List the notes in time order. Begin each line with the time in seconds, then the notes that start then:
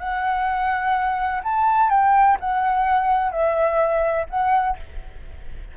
0.00 F#5
1.44 A5
1.90 G5
2.40 F#5
3.32 E5
4.30 F#5